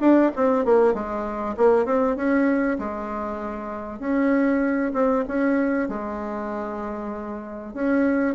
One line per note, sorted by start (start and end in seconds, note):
0.00 0.31 D4
0.36 0.65 C4
0.65 0.94 A#3
0.94 1.56 G#3
1.57 1.85 A#3
1.85 2.16 C4
2.16 2.78 C#4
2.79 3.99 G#3
3.99 4.92 C#4
4.94 5.25 C4
5.28 5.89 C#4
5.89 7.74 G#3
7.74 8.35 C#4